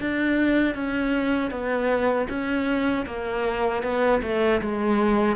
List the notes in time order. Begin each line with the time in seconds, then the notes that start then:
0.00 D4
0.74 C#4
1.50 B3
2.28 C#4
3.06 A#3
3.82 B3
4.22 A3
4.61 G#3